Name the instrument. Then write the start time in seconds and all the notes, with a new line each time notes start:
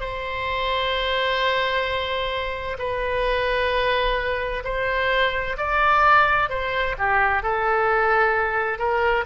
oboe
0.00 C5
2.78 B4
4.64 C5
5.57 D5
6.49 C5
6.98 G4
7.42 A4
8.78 A#4